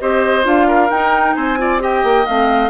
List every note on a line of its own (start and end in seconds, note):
0.00 0.45 C4
0.00 0.43 G4
0.00 0.67 C5
0.00 0.46 D#5
0.43 0.90 D4
0.43 0.88 F4
0.43 0.90 F5
0.67 1.35 A#4
0.90 1.36 D#4
0.90 1.58 D#4
0.90 1.34 G5
1.34 2.03 C4
1.34 1.58 C5
1.34 1.80 G#5
1.58 1.80 F4
1.58 1.82 D5
1.80 2.25 G4
1.80 2.70 D#5
1.80 2.26 G5
2.03 2.26 A#3
2.26 2.70 A3
2.26 2.70 C4
2.26 2.70 F5